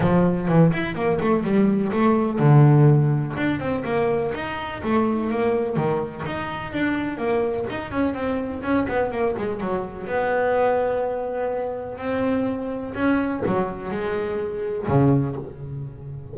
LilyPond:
\new Staff \with { instrumentName = "double bass" } { \time 4/4 \tempo 4 = 125 f4 e8 e'8 ais8 a8 g4 | a4 d2 d'8 c'8 | ais4 dis'4 a4 ais4 | dis4 dis'4 d'4 ais4 |
dis'8 cis'8 c'4 cis'8 b8 ais8 gis8 | fis4 b2.~ | b4 c'2 cis'4 | fis4 gis2 cis4 | }